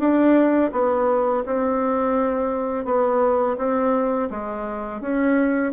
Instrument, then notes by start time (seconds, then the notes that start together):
bassoon
0.00 D4
0.73 B3
1.46 C4
2.85 B3
3.58 C4
4.31 G#3
5.02 C#4